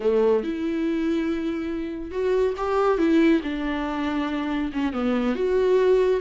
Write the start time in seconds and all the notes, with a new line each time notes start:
0.00 A3
0.43 E4
2.11 F#4
2.57 G4
2.98 E4
3.43 D4
4.72 C#4
4.92 B3
5.35 F#4